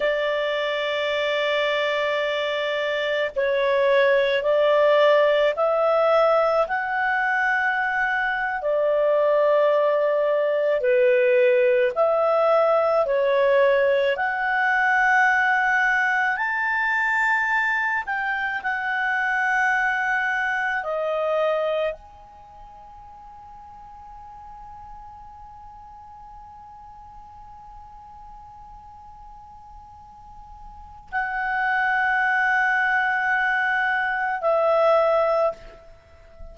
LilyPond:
\new Staff \with { instrumentName = "clarinet" } { \time 4/4 \tempo 4 = 54 d''2. cis''4 | d''4 e''4 fis''4.~ fis''16 d''16~ | d''4.~ d''16 b'4 e''4 cis''16~ | cis''8. fis''2 a''4~ a''16~ |
a''16 g''8 fis''2 dis''4 gis''16~ | gis''1~ | gis''1 | fis''2. e''4 | }